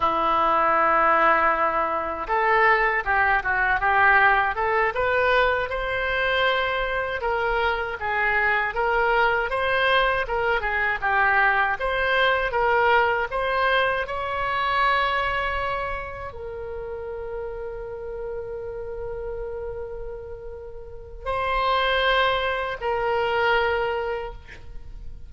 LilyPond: \new Staff \with { instrumentName = "oboe" } { \time 4/4 \tempo 4 = 79 e'2. a'4 | g'8 fis'8 g'4 a'8 b'4 c''8~ | c''4. ais'4 gis'4 ais'8~ | ais'8 c''4 ais'8 gis'8 g'4 c''8~ |
c''8 ais'4 c''4 cis''4.~ | cis''4. ais'2~ ais'8~ | ais'1 | c''2 ais'2 | }